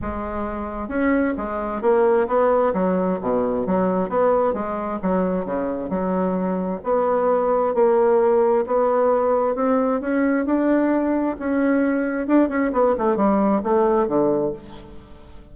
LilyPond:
\new Staff \with { instrumentName = "bassoon" } { \time 4/4 \tempo 4 = 132 gis2 cis'4 gis4 | ais4 b4 fis4 b,4 | fis4 b4 gis4 fis4 | cis4 fis2 b4~ |
b4 ais2 b4~ | b4 c'4 cis'4 d'4~ | d'4 cis'2 d'8 cis'8 | b8 a8 g4 a4 d4 | }